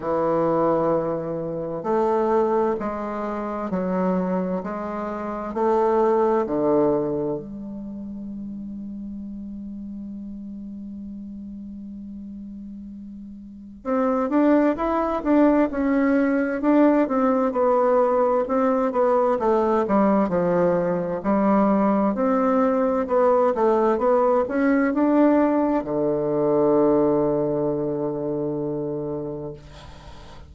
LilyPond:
\new Staff \with { instrumentName = "bassoon" } { \time 4/4 \tempo 4 = 65 e2 a4 gis4 | fis4 gis4 a4 d4 | g1~ | g2. c'8 d'8 |
e'8 d'8 cis'4 d'8 c'8 b4 | c'8 b8 a8 g8 f4 g4 | c'4 b8 a8 b8 cis'8 d'4 | d1 | }